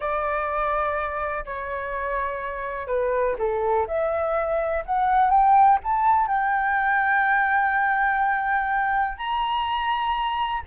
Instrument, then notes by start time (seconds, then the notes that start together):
flute
0.00 D5
1.45 C#5
2.87 B4
3.38 A4
3.87 E5
4.85 F#5
5.30 G5
5.83 A5
6.27 G5
9.17 A#5